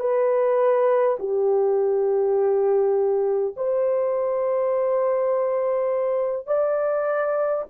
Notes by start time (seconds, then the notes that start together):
0.00 B4
1.19 G4
3.57 C5
6.47 D5